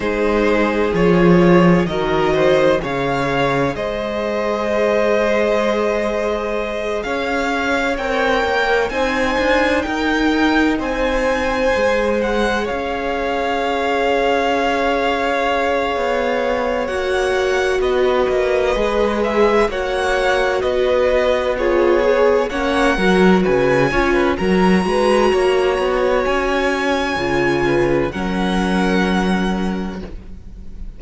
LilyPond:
<<
  \new Staff \with { instrumentName = "violin" } { \time 4/4 \tempo 4 = 64 c''4 cis''4 dis''4 f''4 | dis''2.~ dis''8 f''8~ | f''8 g''4 gis''4 g''4 gis''8~ | gis''4 fis''8 f''2~ f''8~ |
f''2 fis''4 dis''4~ | dis''8 e''8 fis''4 dis''4 cis''4 | fis''4 gis''4 ais''2 | gis''2 fis''2 | }
  \new Staff \with { instrumentName = "violin" } { \time 4/4 gis'2 ais'8 c''8 cis''4 | c''2.~ c''8 cis''8~ | cis''4. c''4 ais'4 c''8~ | c''4. cis''2~ cis''8~ |
cis''2. b'4~ | b'4 cis''4 b'4 gis'4 | cis''8 ais'8 b'8 cis''16 b'16 ais'8 b'8 cis''4~ | cis''4. b'8 ais'2 | }
  \new Staff \with { instrumentName = "viola" } { \time 4/4 dis'4 f'4 fis'4 gis'4~ | gis'1~ | gis'8 ais'4 dis'2~ dis'8~ | dis'8 gis'2.~ gis'8~ |
gis'2 fis'2 | gis'4 fis'2 f'8 gis'8 | cis'8 fis'4 f'8 fis'2~ | fis'4 f'4 cis'2 | }
  \new Staff \with { instrumentName = "cello" } { \time 4/4 gis4 f4 dis4 cis4 | gis2.~ gis8 cis'8~ | cis'8 c'8 ais8 c'8 d'8 dis'4 c'8~ | c'8 gis4 cis'2~ cis'8~ |
cis'4 b4 ais4 b8 ais8 | gis4 ais4 b2 | ais8 fis8 cis8 cis'8 fis8 gis8 ais8 b8 | cis'4 cis4 fis2 | }
>>